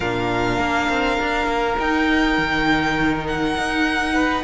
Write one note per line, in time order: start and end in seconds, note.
0.00 0.59 A#2
0.00 1.79 D4
0.00 4.13 A#4
0.00 1.77 F5
0.59 0.88 A#3
0.89 1.18 C4
1.20 1.46 D4
1.46 1.76 A#3
1.79 2.37 D#4
1.79 4.44 D#4
1.79 3.26 G5
2.37 3.56 D#3
3.26 4.44 F#5
3.57 4.44 D#4
4.13 4.43 B4